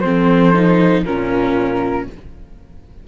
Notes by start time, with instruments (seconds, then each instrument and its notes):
0.00 cello F3, viola C4, horn A4, flute C5
0.54 viola D#4
1.04 cello A#2, viola C#4, horn F4, flute A#4